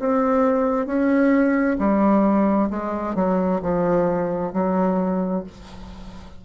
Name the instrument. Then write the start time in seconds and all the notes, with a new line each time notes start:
bassoon
0.00 C4
0.87 C#4
1.79 G3
2.71 G#3
3.16 F#3
3.62 F3
4.53 F#3